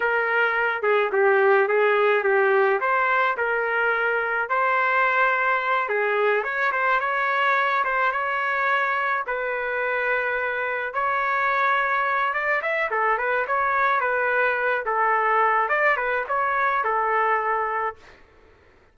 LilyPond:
\new Staff \with { instrumentName = "trumpet" } { \time 4/4 \tempo 4 = 107 ais'4. gis'8 g'4 gis'4 | g'4 c''4 ais'2 | c''2~ c''8 gis'4 cis''8 | c''8 cis''4. c''8 cis''4.~ |
cis''8 b'2. cis''8~ | cis''2 d''8 e''8 a'8 b'8 | cis''4 b'4. a'4. | d''8 b'8 cis''4 a'2 | }